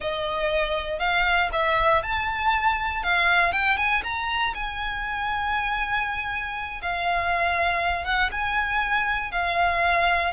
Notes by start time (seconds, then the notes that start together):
0.00 D#5
0.99 F5
1.52 E5
2.02 A5
3.03 F5
3.52 G5
3.77 G#5
4.03 A#5
4.54 G#5
6.82 F5
8.04 F#5
8.31 G#5
9.31 F5